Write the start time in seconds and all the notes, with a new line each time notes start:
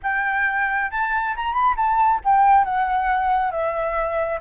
0.02 G5
0.90 A5
1.36 A#5
1.52 B5
1.76 A5
2.24 G5
2.64 F#5
3.51 E5